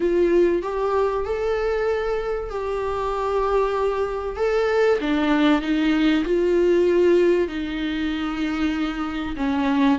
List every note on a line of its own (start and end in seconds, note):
0.00 0.62 F4
0.62 1.24 G4
1.24 2.49 A4
2.50 4.36 G4
4.36 4.98 A4
5.00 5.61 D4
5.61 6.24 D#4
6.24 7.48 F4
7.48 9.35 D#4
9.36 9.98 C#4